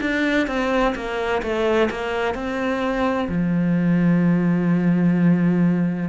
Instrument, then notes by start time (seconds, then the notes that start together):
cello
0.00 D4
0.47 C4
0.95 A#3
1.42 A3
1.90 A#3
2.34 C4
3.29 F3